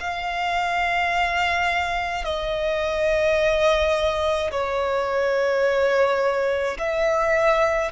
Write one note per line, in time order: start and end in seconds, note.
0.00 2.25 F5
2.25 4.51 D#5
4.51 6.78 C#5
6.78 7.91 E5